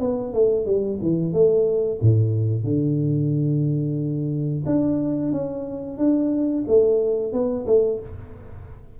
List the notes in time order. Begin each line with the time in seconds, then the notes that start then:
0.00 B3
0.33 A3
0.66 G3
1.02 E3
1.33 A3
2.01 A2
2.64 D3
4.66 D4
5.32 C#4
5.98 D4
6.67 A3
7.33 B3
7.67 A3